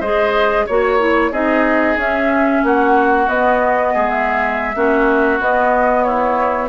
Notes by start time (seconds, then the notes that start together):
0.00 G#3 G#4 C5 D#5
0.66 A#3 F#4 C#5
0.99 E4
1.31 C4 D#4 G#4 D#5
1.96 C#4 E5
2.63 A#3 F#4 F#5
3.27 B3 D#5
3.94 G#3 G#4
4.09 E5
4.75 A#3 C#4 F#4
5.40 B3 D#5
6.03 E4 C#5